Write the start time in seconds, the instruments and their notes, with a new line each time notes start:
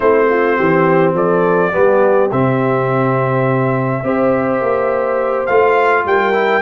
0.00 tuba A3, trombone C4, horn E4, trumpet C5
0.29 horn F4
0.56 tuba E3, horn G4
1.14 tuba F3, horn A4, trumpet D5
1.71 tuba G3, trombone B3, horn G4
2.31 tuba C3, trombone C4, trumpet E5
4.03 tuba C4, trombone G4, horn C5
4.60 tuba A#3
5.46 tuba A3, trombone F4, trumpet F5
6.05 tuba G3, horn A#4, trumpet G5
6.32 trombone E4